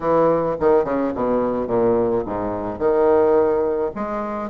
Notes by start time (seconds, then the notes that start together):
0.00 E3
0.60 D#3
0.84 C#3
1.14 B2
1.67 A#2
2.25 G#2
2.78 D#3
3.95 G#3